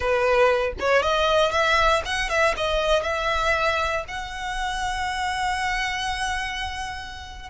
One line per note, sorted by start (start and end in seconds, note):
0.00 0.73 B4
0.79 1.02 C#5
1.02 1.51 D#5
1.51 2.02 E5
2.05 2.29 F#5
2.29 2.54 E5
2.57 3.03 D#5
3.03 4.04 E5
4.08 7.49 F#5